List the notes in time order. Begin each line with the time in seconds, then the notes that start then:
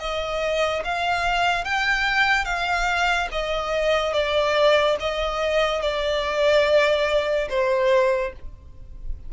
0.00 D#5
0.85 F5
1.65 G5
2.45 F5
3.32 D#5
4.14 D5
5.00 D#5
5.82 D5
7.50 C5